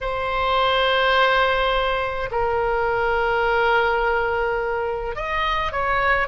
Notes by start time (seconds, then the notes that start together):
0.01 C5
2.31 A#4
5.15 D#5
5.72 C#5